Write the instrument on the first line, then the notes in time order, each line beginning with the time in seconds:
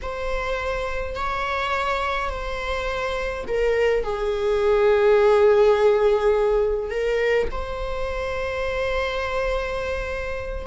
viola
0.02 C5
1.15 C#5
2.29 C5
3.47 A#4
4.03 G#4
6.90 A#4
7.51 C5